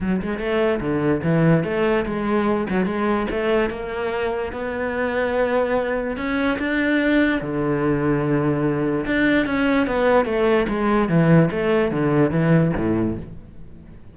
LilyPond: \new Staff \with { instrumentName = "cello" } { \time 4/4 \tempo 4 = 146 fis8 gis8 a4 d4 e4 | a4 gis4. fis8 gis4 | a4 ais2 b4~ | b2. cis'4 |
d'2 d2~ | d2 d'4 cis'4 | b4 a4 gis4 e4 | a4 d4 e4 a,4 | }